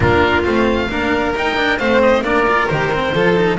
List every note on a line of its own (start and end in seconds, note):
0.00 0.45 A#3
0.00 0.43 D4
0.00 0.89 F4
0.00 0.42 A#4
0.42 0.90 A3
0.42 0.88 C4
0.42 1.31 F5
0.89 1.34 A#3
0.89 1.33 D4
0.89 1.78 A#4
1.35 1.56 D#4
1.35 1.79 D#4
1.35 1.78 G5
1.56 1.78 D4
1.78 2.21 A3
1.78 2.24 C4
1.78 2.23 C5
1.78 2.01 F5
2.02 2.23 D#5
2.21 2.66 A#3
2.21 2.46 D4
2.21 3.14 A#4
2.21 2.67 D5
2.47 2.69 F4
2.67 3.13 D#3
2.67 2.92 G4
2.67 3.57 C5
2.92 3.15 C4
3.13 3.58 F3
3.13 3.36 F4
3.13 3.58 A4
3.36 3.58 D#4